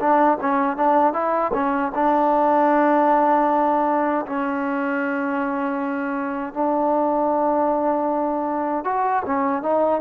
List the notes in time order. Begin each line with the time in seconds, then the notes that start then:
0.00 D4
0.41 C#4
0.77 D4
1.13 E4
1.54 C#4
1.95 D4
4.26 C#4
6.54 D4
8.85 F#4
9.26 C#4
9.63 D#4